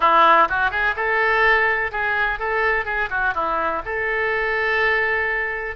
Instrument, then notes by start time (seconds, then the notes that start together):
oboe
0.00 E4
0.49 F#4
0.70 G#4
0.95 A4
1.91 G#4
2.39 A4
2.85 G#4
3.10 F#4
3.34 E4
3.85 A4